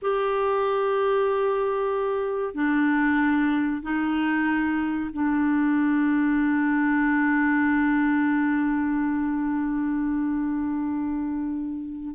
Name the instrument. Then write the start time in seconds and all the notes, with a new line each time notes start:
clarinet
0.02 G4
2.54 D4
3.82 D#4
5.12 D4